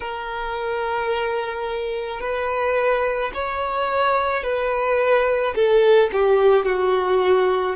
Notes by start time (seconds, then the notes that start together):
0.00 A#4
2.20 B4
3.33 C#5
4.43 B4
5.55 A4
6.12 G4
6.65 F#4